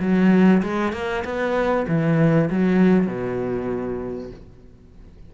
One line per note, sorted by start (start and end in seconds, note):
0.00 0.62 F#3
0.62 0.92 G#3
0.92 1.23 A#3
1.24 1.86 B3
1.87 2.49 E3
2.50 3.06 F#3
3.06 4.30 B2